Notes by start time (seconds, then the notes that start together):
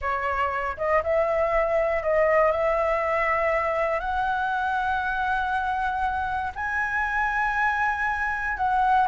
0.01 C#5
0.77 D#5
1.03 E5
2.02 D#5
2.51 E5
4.00 F#5
6.55 G#5
8.57 F#5